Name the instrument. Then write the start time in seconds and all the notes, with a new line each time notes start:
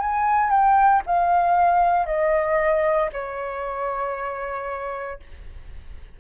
flute
0.00 G#5
0.51 G5
1.07 F5
2.07 D#5
3.13 C#5